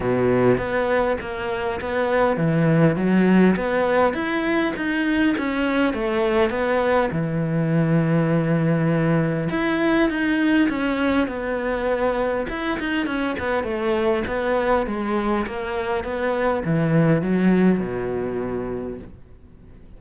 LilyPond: \new Staff \with { instrumentName = "cello" } { \time 4/4 \tempo 4 = 101 b,4 b4 ais4 b4 | e4 fis4 b4 e'4 | dis'4 cis'4 a4 b4 | e1 |
e'4 dis'4 cis'4 b4~ | b4 e'8 dis'8 cis'8 b8 a4 | b4 gis4 ais4 b4 | e4 fis4 b,2 | }